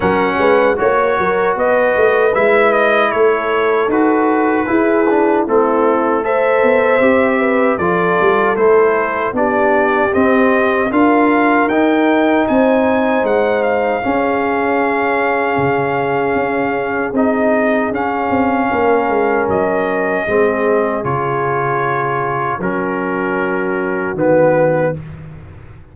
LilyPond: <<
  \new Staff \with { instrumentName = "trumpet" } { \time 4/4 \tempo 4 = 77 fis''4 cis''4 dis''4 e''8 dis''8 | cis''4 b'2 a'4 | e''2 d''4 c''4 | d''4 dis''4 f''4 g''4 |
gis''4 fis''8 f''2~ f''8~ | f''2 dis''4 f''4~ | f''4 dis''2 cis''4~ | cis''4 ais'2 b'4 | }
  \new Staff \with { instrumentName = "horn" } { \time 4/4 ais'8 b'8 cis''8 ais'8 b'2 | a'2 gis'4 e'4 | c''4. b'8 a'2 | g'2 ais'2 |
c''2 gis'2~ | gis'1 | ais'2 gis'2~ | gis'4 fis'2. | }
  \new Staff \with { instrumentName = "trombone" } { \time 4/4 cis'4 fis'2 e'4~ | e'4 fis'4 e'8 d'8 c'4 | a'4 g'4 f'4 e'4 | d'4 c'4 f'4 dis'4~ |
dis'2 cis'2~ | cis'2 dis'4 cis'4~ | cis'2 c'4 f'4~ | f'4 cis'2 b4 | }
  \new Staff \with { instrumentName = "tuba" } { \time 4/4 fis8 gis8 ais8 fis8 b8 a8 gis4 | a4 dis'4 e'4 a4~ | a8 b8 c'4 f8 g8 a4 | b4 c'4 d'4 dis'4 |
c'4 gis4 cis'2 | cis4 cis'4 c'4 cis'8 c'8 | ais8 gis8 fis4 gis4 cis4~ | cis4 fis2 dis4 | }
>>